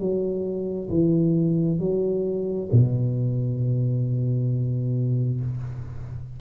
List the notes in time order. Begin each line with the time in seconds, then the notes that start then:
0.00 F#3
0.90 E3
1.80 F#3
2.72 B2